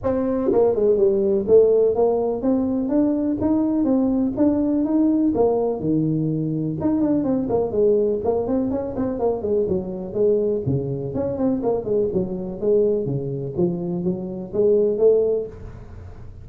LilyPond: \new Staff \with { instrumentName = "tuba" } { \time 4/4 \tempo 4 = 124 c'4 ais8 gis8 g4 a4 | ais4 c'4 d'4 dis'4 | c'4 d'4 dis'4 ais4 | dis2 dis'8 d'8 c'8 ais8 |
gis4 ais8 c'8 cis'8 c'8 ais8 gis8 | fis4 gis4 cis4 cis'8 c'8 | ais8 gis8 fis4 gis4 cis4 | f4 fis4 gis4 a4 | }